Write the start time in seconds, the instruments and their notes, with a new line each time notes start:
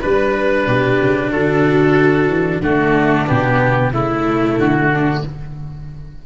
0.00 tuba G3, cello D4, viola B4, oboe B4
0.66 tuba B2, viola G4
1.00 tuba C#3
1.31 tuba D3, viola F#4, oboe A4
2.28 tuba E3
2.61 tuba D3, cello A3, viola D4, oboe F#4
3.27 tuba B2, cello B3, oboe G4
3.92 tuba C#3, cello A3, viola E4, oboe E4
4.57 tuba D3, oboe F#4
4.93 viola D4